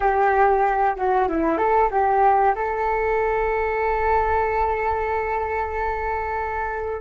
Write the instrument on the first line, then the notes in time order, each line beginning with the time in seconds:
flute
0.00 G4
0.96 F#4
1.28 E4
1.57 A4
1.90 G4
2.55 A4